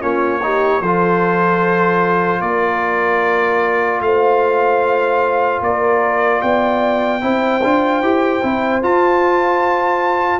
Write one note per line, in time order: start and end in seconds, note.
0.00 0.81 A#3
0.00 0.40 C#4
0.00 0.40 F4
0.00 0.81 C#5
0.42 0.82 D#4
0.42 0.81 G4
0.81 2.41 F3
0.81 7.21 F4
0.81 2.41 A4
0.81 2.41 C5
2.41 4.00 A#3
2.41 4.03 A#4
2.41 4.01 D5
4.00 5.60 A3
4.00 5.64 C5
4.00 5.62 F5
5.61 6.41 A#3
5.61 6.41 A#4
5.61 6.42 D5
6.41 7.22 B3
6.41 7.21 D5
6.41 8.82 G5
7.21 7.62 C4
7.21 7.61 E4
7.21 10.39 C5
7.63 8.02 D4
7.63 8.03 F4
8.02 8.42 E4
8.02 8.42 G4
8.42 8.83 C4
8.42 8.82 E4
8.82 10.39 F4
8.82 10.39 A5